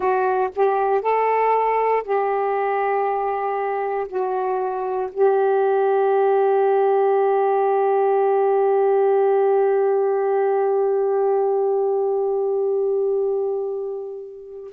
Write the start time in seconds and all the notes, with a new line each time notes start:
0.00 F#4
0.55 G4
1.01 A4
2.03 G4
4.08 F#4
5.11 G4